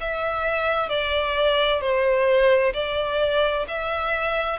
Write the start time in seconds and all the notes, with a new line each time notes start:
0.00 E5
0.89 D5
1.81 C5
2.74 D5
3.68 E5